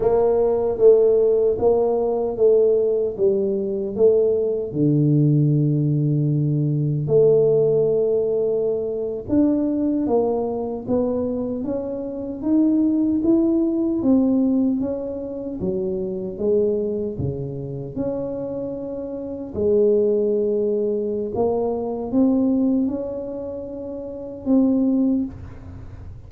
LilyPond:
\new Staff \with { instrumentName = "tuba" } { \time 4/4 \tempo 4 = 76 ais4 a4 ais4 a4 | g4 a4 d2~ | d4 a2~ a8. d'16~ | d'8. ais4 b4 cis'4 dis'16~ |
dis'8. e'4 c'4 cis'4 fis16~ | fis8. gis4 cis4 cis'4~ cis'16~ | cis'8. gis2~ gis16 ais4 | c'4 cis'2 c'4 | }